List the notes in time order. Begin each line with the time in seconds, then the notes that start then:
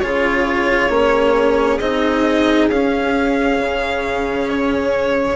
0.00 C#3 F4 G#4 C#5
0.89 A#3 C#4
1.79 C4 D#4 D#5
2.69 C#4 F5
3.59 C#3
4.49 C#5